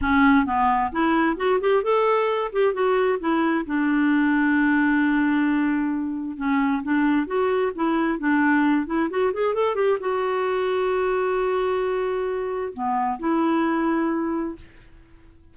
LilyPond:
\new Staff \with { instrumentName = "clarinet" } { \time 4/4 \tempo 4 = 132 cis'4 b4 e'4 fis'8 g'8 | a'4. g'8 fis'4 e'4 | d'1~ | d'2 cis'4 d'4 |
fis'4 e'4 d'4. e'8 | fis'8 gis'8 a'8 g'8 fis'2~ | fis'1 | b4 e'2. | }